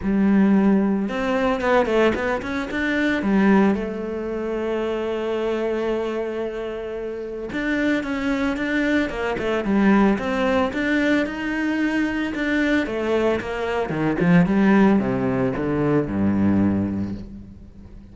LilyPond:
\new Staff \with { instrumentName = "cello" } { \time 4/4 \tempo 4 = 112 g2 c'4 b8 a8 | b8 cis'8 d'4 g4 a4~ | a1~ | a2 d'4 cis'4 |
d'4 ais8 a8 g4 c'4 | d'4 dis'2 d'4 | a4 ais4 dis8 f8 g4 | c4 d4 g,2 | }